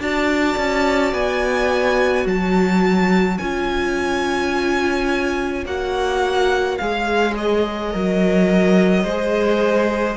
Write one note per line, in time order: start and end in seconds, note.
0.00 0.57 D4
0.00 3.41 F#4
0.00 2.26 D5
0.00 1.14 A5
0.58 1.13 C#4
1.13 2.26 B3
1.13 2.27 G#5
2.26 3.39 F#3
2.26 9.04 C#5
2.26 3.38 A5
3.38 5.66 C#4
3.38 5.67 F4
3.38 5.65 G#5
5.66 6.79 A#3
5.66 6.80 F#4
5.66 6.78 F#5
6.78 7.94 G#3
6.78 7.92 G#4
6.78 7.35 F5
7.37 10.17 D#5
7.92 9.05 F#3
7.92 9.05 A#4
9.04 10.17 G#3
9.04 10.17 G#4
9.04 10.17 C5